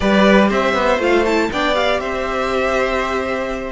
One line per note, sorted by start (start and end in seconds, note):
0.00 0.50 G3
0.00 1.00 G4
0.00 0.48 B4
0.00 0.49 D5
0.48 0.74 C4
0.48 1.48 C5
0.48 1.01 E5
0.74 0.98 B3
0.98 1.48 A3
0.98 1.25 F4
0.98 1.25 F5
1.25 1.51 E4
1.25 1.50 A5
1.52 2.00 B3
1.52 1.74 D4
1.52 2.00 D5
1.52 1.75 G5
1.74 3.72 G4
1.74 2.00 F5
2.00 3.72 C4
2.00 3.72 C5
2.00 3.72 E5